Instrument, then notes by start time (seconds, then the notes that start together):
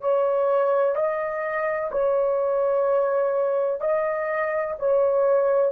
horn
0.00 C#5
0.95 D#5
1.91 C#5
3.80 D#5
4.78 C#5